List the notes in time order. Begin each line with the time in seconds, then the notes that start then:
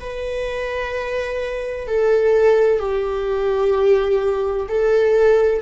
0.00 B4
1.87 A4
2.80 G4
4.68 A4